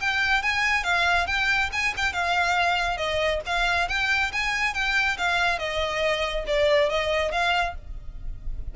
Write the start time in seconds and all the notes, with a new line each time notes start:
0.00 G5
0.42 G#5
0.83 F5
1.27 G5
1.72 G#5
1.97 G5
2.12 F5
2.97 D#5
3.46 F5
3.88 G5
4.32 G#5
4.74 G5
5.17 F5
5.58 D#5
6.46 D5
6.89 D#5
7.31 F5